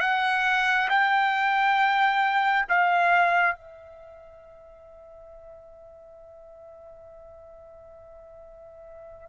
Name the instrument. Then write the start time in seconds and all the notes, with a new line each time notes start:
trumpet
0.00 F#5
0.89 G5
2.69 F5
3.55 E5